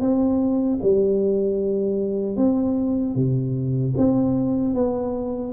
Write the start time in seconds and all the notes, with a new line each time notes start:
0.00 C4
0.82 G3
2.36 C4
3.15 C3
3.97 C4
4.74 B3